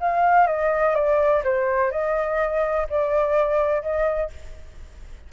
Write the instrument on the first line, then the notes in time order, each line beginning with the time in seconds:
flute
0.00 F5
0.47 D#5
0.95 D5
1.44 C5
1.91 D#5
2.90 D5
3.82 D#5